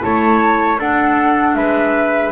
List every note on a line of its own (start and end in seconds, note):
0.00 0.79 A3
0.00 0.77 E4
0.00 0.79 C#5
0.00 0.78 A5
0.79 1.55 D4
0.79 2.31 D4
0.79 1.55 A4
0.79 1.55 F#5
1.55 2.31 G#3
1.55 2.31 B4
1.55 2.31 E5